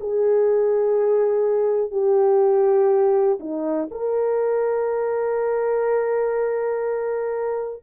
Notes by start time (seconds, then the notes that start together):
0.00 G#4
1.91 G4
3.40 D#4
3.91 A#4